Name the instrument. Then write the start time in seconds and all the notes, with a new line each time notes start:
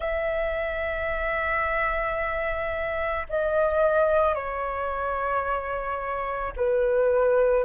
flute
0.00 E5
3.29 D#5
4.34 C#5
6.56 B4